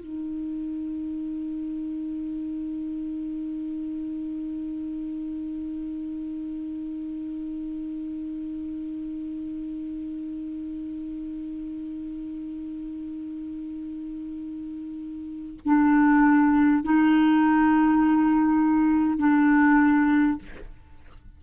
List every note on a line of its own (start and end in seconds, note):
0.00 15.60 D#4
15.65 16.84 D4
16.84 19.18 D#4
19.18 20.38 D4